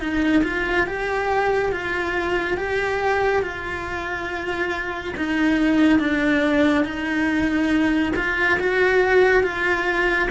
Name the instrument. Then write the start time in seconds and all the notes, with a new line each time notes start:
cello
0.00 D#4
0.44 F4
0.86 G4
1.72 F4
2.57 G4
3.42 F4
5.17 D#4
5.99 D4
6.84 D#4
8.16 F4
8.59 F#4
9.43 F4